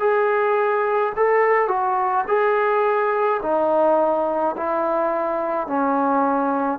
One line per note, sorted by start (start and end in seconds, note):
0.00 1.13 G#4
1.16 1.68 A4
1.68 2.25 F#4
2.28 3.41 G#4
3.43 4.56 D#4
4.57 5.68 E4
5.68 6.79 C#4